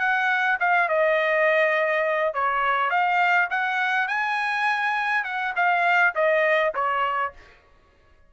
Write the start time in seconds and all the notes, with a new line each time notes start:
0.00 F#5
0.60 F5
0.89 D#5
2.34 C#5
2.91 F5
3.51 F#5
4.09 G#5
5.25 F#5
5.57 F5
6.16 D#5
6.75 C#5